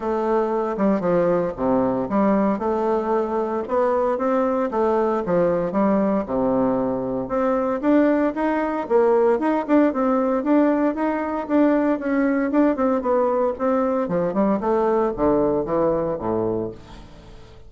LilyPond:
\new Staff \with { instrumentName = "bassoon" } { \time 4/4 \tempo 4 = 115 a4. g8 f4 c4 | g4 a2 b4 | c'4 a4 f4 g4 | c2 c'4 d'4 |
dis'4 ais4 dis'8 d'8 c'4 | d'4 dis'4 d'4 cis'4 | d'8 c'8 b4 c'4 f8 g8 | a4 d4 e4 a,4 | }